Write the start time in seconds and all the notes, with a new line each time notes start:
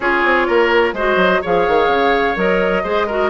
0.00 C#4 F4 G#4 C#5
0.24 C4
0.47 A#3 A#4
0.93 G#3 F#4 C5 D#5
1.16 F#3
1.41 F3 G#4 C#5 F5
1.68 D#3
1.87 C#3
2.36 F#3 A#4 D#5
2.83 G#3 G#4 C5
3.06 F#4 A#4